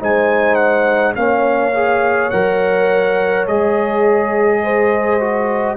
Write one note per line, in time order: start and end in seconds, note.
0.00 1.16 G#3
0.00 1.15 D#4
0.00 1.16 C5
0.00 0.55 G#5
0.55 1.13 F#5
1.16 2.31 A#3
1.16 1.73 C#4
1.16 4.63 C#5
1.16 2.30 F5
1.74 2.31 G#4
2.30 3.48 F#3
2.30 3.48 A#4
2.30 3.46 F#5
3.48 5.77 G#3
3.48 5.20 G#4
3.48 5.77 D#5
4.63 5.77 C5
5.20 5.77 F#4